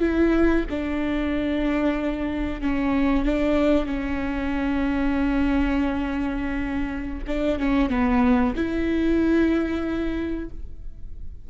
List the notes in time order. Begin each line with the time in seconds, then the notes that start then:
0.00 E4
0.70 D4
2.61 C#4
3.25 D4
3.86 C#4
7.27 D4
7.59 C#4
7.89 B3
8.56 E4